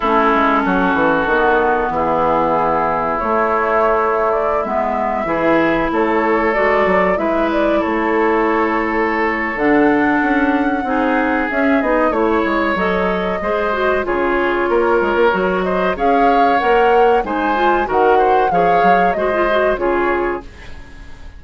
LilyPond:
<<
  \new Staff \with { instrumentName = "flute" } { \time 4/4 \tempo 4 = 94 a'2. gis'4~ | gis'4 cis''4.~ cis''16 d''8 e''8.~ | e''4~ e''16 cis''4 d''4 e''8 d''16~ | d''16 cis''2~ cis''8. fis''4~ |
fis''2 e''8 dis''8 cis''4 | dis''2 cis''2~ | cis''8 dis''8 f''4 fis''4 gis''4 | fis''4 f''4 dis''4 cis''4 | }
  \new Staff \with { instrumentName = "oboe" } { \time 4/4 e'4 fis'2 e'4~ | e'1~ | e'16 gis'4 a'2 b'8.~ | b'16 a'2.~ a'8.~ |
a'4 gis'2 cis''4~ | cis''4 c''4 gis'4 ais'4~ | ais'8 c''8 cis''2 c''4 | ais'8 c''8 cis''4 c''4 gis'4 | }
  \new Staff \with { instrumentName = "clarinet" } { \time 4/4 cis'2 b2~ | b4 a2~ a16 b8.~ | b16 e'2 fis'4 e'8.~ | e'2. d'4~ |
d'4 dis'4 cis'8 dis'8 e'4 | a'4 gis'8 fis'8 f'2 | fis'4 gis'4 ais'4 dis'8 f'8 | fis'4 gis'4 fis'16 f'16 fis'8 f'4 | }
  \new Staff \with { instrumentName = "bassoon" } { \time 4/4 a8 gis8 fis8 e8 dis4 e4~ | e4 a2~ a16 gis8.~ | gis16 e4 a4 gis8 fis8 gis8.~ | gis16 a2~ a8. d4 |
cis'4 c'4 cis'8 b8 a8 gis8 | fis4 gis4 cis4 ais8 gis16 ais16 | fis4 cis'4 ais4 gis4 | dis4 f8 fis8 gis4 cis4 | }
>>